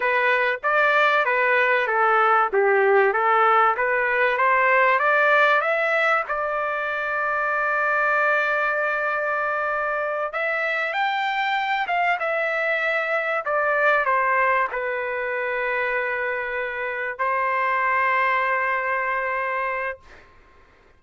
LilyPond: \new Staff \with { instrumentName = "trumpet" } { \time 4/4 \tempo 4 = 96 b'4 d''4 b'4 a'4 | g'4 a'4 b'4 c''4 | d''4 e''4 d''2~ | d''1~ |
d''8 e''4 g''4. f''8 e''8~ | e''4. d''4 c''4 b'8~ | b'2.~ b'8 c''8~ | c''1 | }